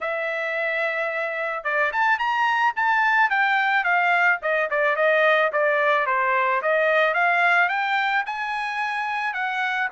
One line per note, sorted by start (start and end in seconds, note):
0.01 1.64 E5
1.64 1.91 D5
1.92 2.18 A5
2.18 2.73 A#5
2.75 3.30 A5
3.30 3.84 G5
3.84 4.39 F5
4.42 4.69 D#5
4.70 4.96 D5
4.96 5.51 D#5
5.52 6.06 D5
6.06 6.61 C5
6.62 7.13 D#5
7.13 7.68 F5
7.69 8.24 G5
8.26 9.33 G#5
9.33 9.88 F#5